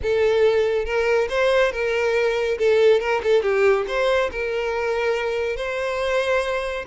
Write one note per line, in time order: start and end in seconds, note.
0.02 0.85 A4
0.85 1.28 A#4
1.29 1.72 C5
1.72 2.57 A#4
2.58 3.00 A4
3.00 3.21 A#4
3.23 3.42 A4
3.42 3.85 G4
3.87 4.30 C5
4.31 5.56 A#4
5.56 6.85 C5